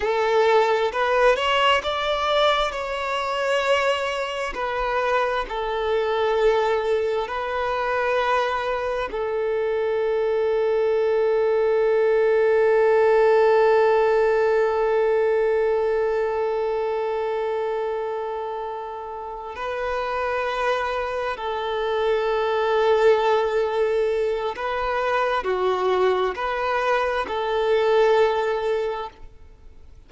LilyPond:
\new Staff \with { instrumentName = "violin" } { \time 4/4 \tempo 4 = 66 a'4 b'8 cis''8 d''4 cis''4~ | cis''4 b'4 a'2 | b'2 a'2~ | a'1~ |
a'1~ | a'4. b'2 a'8~ | a'2. b'4 | fis'4 b'4 a'2 | }